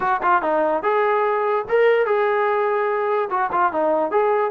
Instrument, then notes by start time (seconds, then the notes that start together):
trombone
0.00 F#4
0.22 F4
0.42 D#4
0.83 G#4
1.68 A#4
2.06 G#4
3.30 F#4
3.52 F4
3.72 D#4
4.11 G#4